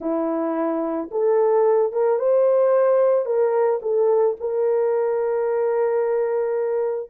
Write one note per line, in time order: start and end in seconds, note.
0.00 1.10 E4
1.11 1.92 A4
1.92 2.18 A#4
2.18 3.25 C5
3.25 3.80 A#4
3.82 4.36 A4
4.39 7.10 A#4